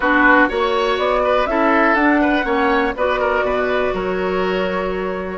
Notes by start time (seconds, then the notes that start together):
0.00 B3 D4 F#4 B4
0.48 A#3 F#4 C#5
0.98 B3 D5
1.23 B4
1.46 C#4 E4 A4 E5
1.94 D4 F#5
2.21 B4
2.43 A#3 C#4 C#5
2.96 B3 F#4 B4 D5
3.20 A#4
3.42 B2 B4
3.93 F#3 A#4 C#5